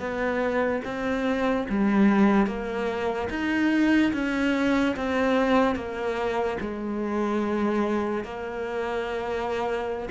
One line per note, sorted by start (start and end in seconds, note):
0.00 0.82 B3
0.85 1.67 C4
1.70 2.47 G3
2.47 3.29 A#3
3.31 4.13 D#4
4.14 4.96 C#4
4.97 5.76 C4
5.76 6.58 A#3
6.61 8.25 G#3
8.25 10.09 A#3